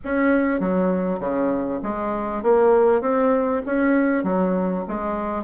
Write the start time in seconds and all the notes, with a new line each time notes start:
0.04 C#4
0.60 F#3
1.19 C#3
1.82 G#3
2.42 A#3
3.01 C4
3.65 C#4
4.23 F#3
4.88 G#3